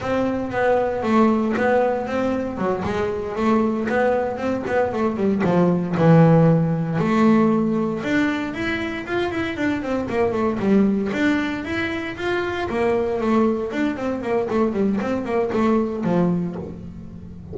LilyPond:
\new Staff \with { instrumentName = "double bass" } { \time 4/4 \tempo 4 = 116 c'4 b4 a4 b4 | c'4 fis8 gis4 a4 b8~ | b8 c'8 b8 a8 g8 f4 e8~ | e4. a2 d'8~ |
d'8 e'4 f'8 e'8 d'8 c'8 ais8 | a8 g4 d'4 e'4 f'8~ | f'8 ais4 a4 d'8 c'8 ais8 | a8 g8 c'8 ais8 a4 f4 | }